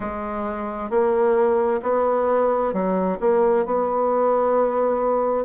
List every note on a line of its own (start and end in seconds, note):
0.00 0.90 G#3
0.90 1.81 A#3
1.82 2.73 B3
2.73 3.18 F#3
3.20 3.65 A#3
3.65 5.45 B3